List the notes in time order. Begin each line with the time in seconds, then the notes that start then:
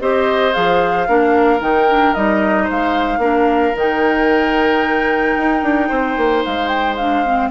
0.00 C4 G4 C5 D#5
0.53 F3 G#4 F5
1.08 A#3 D4 A#4
1.60 D#3 D#4 G5
1.89 D4
2.14 G3 D#4 D#5
2.64 C5 F5
2.71 G#3
3.18 A#3 D4 A#4
3.76 D#3 D#4 G5
5.37 D#4
5.63 D4
5.89 C4 C5
6.17 A#3
6.45 G#3 F5
6.68 G5
6.96 D4 F5
7.26 C4